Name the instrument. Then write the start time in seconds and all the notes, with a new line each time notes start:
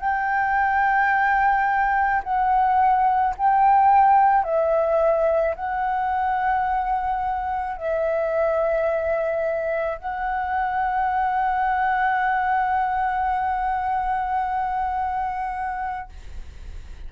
flute
0.00 G5
2.24 F#5
3.38 G5
4.44 E5
5.56 F#5
7.77 E5
9.98 F#5